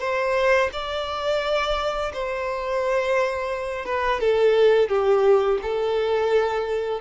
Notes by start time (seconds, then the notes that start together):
0.00 C5
0.73 D5
2.13 C5
3.85 B4
4.20 A4
4.89 G4
5.62 A4